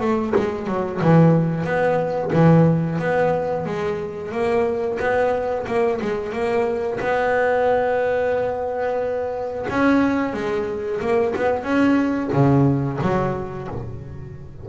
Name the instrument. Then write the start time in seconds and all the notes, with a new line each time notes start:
double bass
0.00 A3
0.36 G#3
0.67 F#3
1.01 E3
1.64 B3
2.33 E3
2.99 B3
3.65 G#3
4.32 A#3
4.99 B3
5.67 A#3
6.02 G#3
6.32 A#3
7.00 B3
9.70 C#4
10.33 G#3
11.00 A#3
11.36 B3
11.63 C#4
12.33 C#3
13.01 F#3